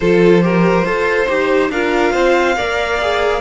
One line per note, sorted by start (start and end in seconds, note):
0.00 0.84 F3
0.00 0.41 F4
0.00 0.43 A4
0.00 1.70 C5
0.41 0.84 G4
0.41 0.85 A#4
0.84 1.27 F4
0.84 1.27 A4
0.84 1.71 C5
1.27 1.69 D#4
1.27 1.70 G4
1.69 2.12 D4
1.69 2.56 F4
1.69 2.12 A#4
1.69 3.41 F5
2.12 2.56 C4
2.12 2.55 C5
2.56 3.41 A#3
2.56 2.99 A#4
2.56 3.41 D5
3.00 3.41 G#4